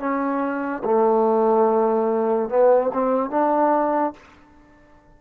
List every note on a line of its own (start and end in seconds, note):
0.00 0.83 C#4
0.84 2.49 A3
2.49 2.91 B3
2.94 3.30 C4
3.30 4.14 D4